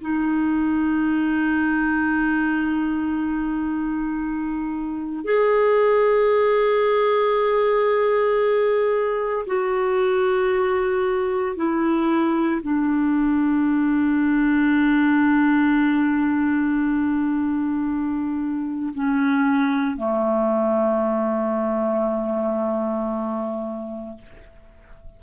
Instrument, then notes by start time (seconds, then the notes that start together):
clarinet
0.00 D#4
5.24 G#4
9.46 F#4
11.56 E4
12.62 D4
18.94 C#4
19.97 A3